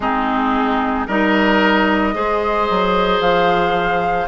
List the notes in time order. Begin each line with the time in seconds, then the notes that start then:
0.00 G#3 C4 D#4 G#4
1.07 G3 D#4 A#4 D#5
2.13 G#3 G#4 C5
2.69 F#3
3.20 F3 F5